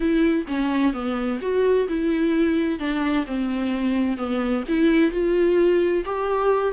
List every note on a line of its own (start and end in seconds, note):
0.00 0.45 E4
0.47 0.93 C#4
0.93 1.40 B3
1.41 1.87 F#4
1.88 2.79 E4
2.79 3.25 D4
3.26 4.17 C4
4.17 4.63 B3
4.68 5.11 E4
5.11 6.04 F4
6.05 6.72 G4